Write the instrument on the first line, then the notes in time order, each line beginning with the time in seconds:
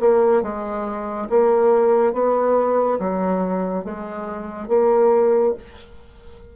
bassoon
0.00 A#3
0.42 G#3
1.29 A#3
2.13 B3
2.99 F#3
3.85 G#3
4.68 A#3